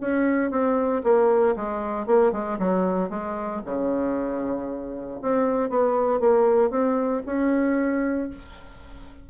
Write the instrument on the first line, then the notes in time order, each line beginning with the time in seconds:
bassoon
0.00 C#4
0.51 C4
1.03 A#3
1.56 G#3
2.06 A#3
2.32 G#3
2.59 F#3
3.09 G#3
3.65 C#3
5.22 C4
5.69 B3
6.20 A#3
6.70 C4
7.26 C#4